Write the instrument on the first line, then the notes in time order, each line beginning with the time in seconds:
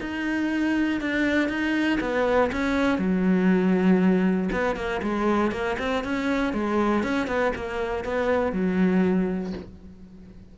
cello
0.00 D#4
1.00 D4
1.49 D#4
2.00 B3
2.52 C#4
2.98 F#3
4.51 B3
4.76 A#3
5.02 G#3
5.51 A#3
5.78 C4
6.03 C#4
6.53 G#3
7.03 C#4
7.27 B3
7.55 A#3
8.04 B3
8.52 F#3